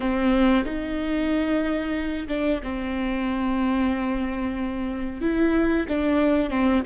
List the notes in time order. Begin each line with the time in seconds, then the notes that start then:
0.00 C4
0.64 D#4
2.28 D4
2.63 C4
5.21 E4
5.88 D4
6.50 C4